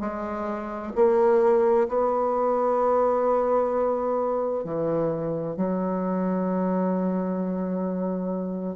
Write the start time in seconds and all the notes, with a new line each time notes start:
0.00 G#3
0.95 A#3
1.88 B3
4.64 E3
5.56 F#3